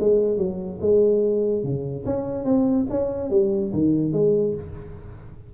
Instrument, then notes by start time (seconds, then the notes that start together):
tuba
0.00 G#3
0.38 F#3
0.81 G#3
1.64 C#3
2.06 C#4
2.45 C4
2.90 C#4
3.31 G3
3.73 D#3
4.13 G#3